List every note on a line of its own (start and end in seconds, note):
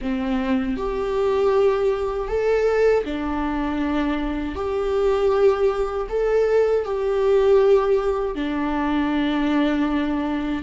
0.01 0.76 C4
0.76 2.28 G4
2.28 3.03 A4
3.04 4.55 D4
4.55 6.07 G4
6.09 6.85 A4
6.85 8.35 G4
8.35 10.62 D4